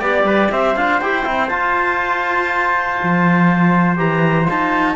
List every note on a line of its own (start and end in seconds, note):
0.00 0.24 B3
0.00 0.77 G4
0.00 0.25 D5
0.00 0.52 D5
0.24 0.49 G3
0.24 0.51 B4
0.52 0.76 C4
0.52 4.96 C5
0.52 0.76 E5
0.76 1.01 D4
0.76 1.01 F4
0.76 1.00 F5
1.00 1.26 E4
1.00 1.24 G4
1.00 1.49 G5
1.24 1.50 C4
1.24 1.49 E4
1.49 3.97 F4
1.49 2.99 F4
1.49 3.97 A5
3.03 3.98 F3
3.97 4.48 E3
3.97 4.46 G4
3.97 4.47 A#5
4.46 4.96 D#4
4.46 4.95 F4
4.46 4.96 A5